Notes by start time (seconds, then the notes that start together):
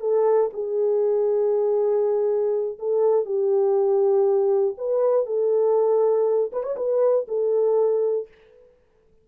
0.00 A4
0.53 G#4
2.79 A4
3.25 G4
4.77 B4
5.26 A4
6.52 B4
6.63 C#5
6.76 B4
7.28 A4